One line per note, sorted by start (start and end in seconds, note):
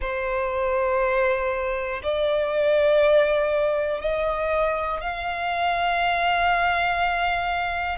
0.01 2.01 C5
2.03 4.01 D5
4.01 5.00 D#5
5.00 7.97 F5